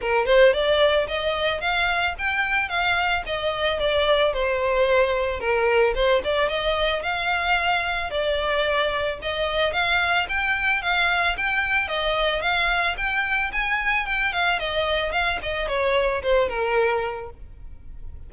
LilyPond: \new Staff \with { instrumentName = "violin" } { \time 4/4 \tempo 4 = 111 ais'8 c''8 d''4 dis''4 f''4 | g''4 f''4 dis''4 d''4 | c''2 ais'4 c''8 d''8 | dis''4 f''2 d''4~ |
d''4 dis''4 f''4 g''4 | f''4 g''4 dis''4 f''4 | g''4 gis''4 g''8 f''8 dis''4 | f''8 dis''8 cis''4 c''8 ais'4. | }